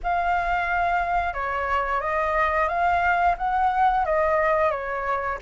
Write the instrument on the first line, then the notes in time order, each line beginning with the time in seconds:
flute
0.03 F5
1.33 C#5
2.00 D#5
2.68 F5
3.37 F#5
4.05 D#5
4.70 C#5